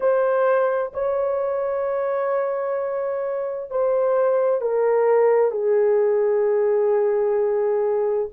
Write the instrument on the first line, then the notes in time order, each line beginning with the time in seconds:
horn
0.00 C5
0.93 C#5
3.70 C5
4.61 A#4
5.51 G#4